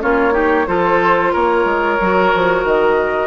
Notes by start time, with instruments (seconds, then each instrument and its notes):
0.00 bassoon A#3, clarinet C#4, oboe F4, flute C#5
0.31 clarinet D#4, oboe G4
0.67 bassoon F3, clarinet F4, oboe A4, flute C5
1.33 bassoon A#3, oboe A#4, flute C#5
1.64 bassoon G#3
2.00 bassoon F#3, clarinet F#4
2.34 bassoon F3
2.64 bassoon D#3, flute D#5